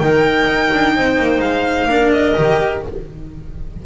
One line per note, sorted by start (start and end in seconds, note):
0.00 0.47 D#3
0.00 1.90 D#4
0.00 0.96 A#4
0.00 1.41 G5
0.47 0.70 D#4
0.74 0.97 D4
0.96 1.19 C4
0.96 1.90 C5
1.19 1.40 A#3
1.40 1.86 G#3
1.40 2.12 F5
1.86 2.33 A#3
1.86 2.36 D4
1.86 2.85 A#4
2.12 2.83 D#5
2.36 2.86 D#3
2.36 2.83 G4